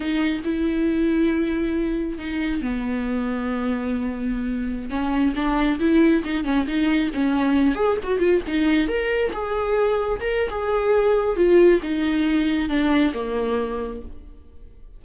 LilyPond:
\new Staff \with { instrumentName = "viola" } { \time 4/4 \tempo 4 = 137 dis'4 e'2.~ | e'4 dis'4 b2~ | b2.~ b16 cis'8.~ | cis'16 d'4 e'4 dis'8 cis'8 dis'8.~ |
dis'16 cis'4. gis'8 fis'8 f'8 dis'8.~ | dis'16 ais'4 gis'2 ais'8. | gis'2 f'4 dis'4~ | dis'4 d'4 ais2 | }